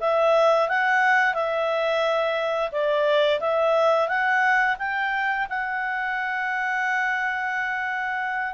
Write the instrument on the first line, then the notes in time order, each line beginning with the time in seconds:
clarinet
0.00 E5
0.68 F#5
1.34 E5
2.71 D5
3.40 E5
4.08 F#5
4.79 G5
5.49 F#5